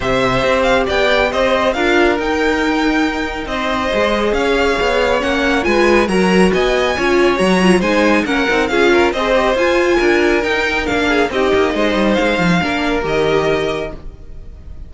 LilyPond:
<<
  \new Staff \with { instrumentName = "violin" } { \time 4/4 \tempo 4 = 138 e''4. f''8 g''4 dis''4 | f''4 g''2. | dis''2 f''2 | fis''4 gis''4 ais''4 gis''4~ |
gis''4 ais''4 gis''4 fis''4 | f''4 dis''4 gis''2 | g''4 f''4 dis''2 | f''2 dis''2 | }
  \new Staff \with { instrumentName = "violin" } { \time 4/4 c''2 d''4 c''4 | ais'1 | c''2 cis''2~ | cis''4 b'4 ais'4 dis''4 |
cis''2 c''4 ais'4 | gis'8 ais'8 c''2 ais'4~ | ais'4. gis'8 g'4 c''4~ | c''4 ais'2. | }
  \new Staff \with { instrumentName = "viola" } { \time 4/4 g'1 | f'4 dis'2.~ | dis'4 gis'2. | cis'4 f'4 fis'2 |
f'4 fis'8 f'8 dis'4 cis'8 dis'8 | f'4 gis'8 g'8 f'2 | dis'4 d'4 dis'2~ | dis'4 d'4 g'2 | }
  \new Staff \with { instrumentName = "cello" } { \time 4/4 c4 c'4 b4 c'4 | d'4 dis'2. | c'4 gis4 cis'4 b4 | ais4 gis4 fis4 b4 |
cis'4 fis4 gis4 ais8 c'8 | cis'4 c'4 f'4 d'4 | dis'4 ais4 c'8 ais8 gis8 g8 | gis8 f8 ais4 dis2 | }
>>